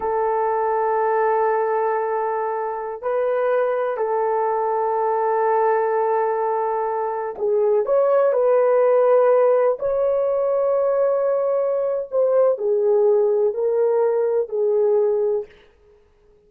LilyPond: \new Staff \with { instrumentName = "horn" } { \time 4/4 \tempo 4 = 124 a'1~ | a'2~ a'16 b'4.~ b'16~ | b'16 a'2.~ a'8.~ | a'2.~ a'16 gis'8.~ |
gis'16 cis''4 b'2~ b'8.~ | b'16 cis''2.~ cis''8.~ | cis''4 c''4 gis'2 | ais'2 gis'2 | }